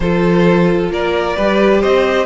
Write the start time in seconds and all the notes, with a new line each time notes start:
0.00 F3 F4 A4 C5
0.90 A#3 A#4 D5
1.36 G3 G4 B4
1.81 C4 C5 D#5